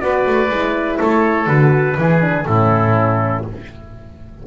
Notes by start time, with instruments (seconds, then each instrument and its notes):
0.00 double bass B3, horn F#4, oboe B4, trumpet D5
0.26 double bass A3
0.49 double bass G#3, horn E4
0.99 double bass A3, oboe A4, trumpet C#5
1.46 double bass D3, horn F#4, trumpet B4
1.97 double bass E3, horn E4, oboe G#4
2.21 horn D4
2.46 double bass A2, horn C#4, oboe E4, trumpet A4